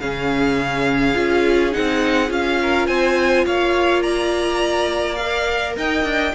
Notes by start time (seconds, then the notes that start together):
0.00 C#3 C#4 G#4 F5
1.15 C#4 F4
1.72 D#4 F#5
1.78 C4
2.28 C#4 F4 F5
2.62 A#4
2.87 C4 C5 G#5
3.46 A#3 C#5 F5
4.03 D5 A#5
5.16 A#4 F5
5.77 D#4 D#5 G5
6.04 D4